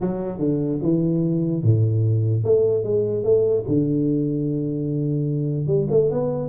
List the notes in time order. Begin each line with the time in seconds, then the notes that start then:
0.01 F#3
0.39 D3
0.82 E3
1.63 A2
2.43 A3
2.83 G#3
3.23 A3
3.67 D3
5.66 G3
5.90 A3
6.11 B3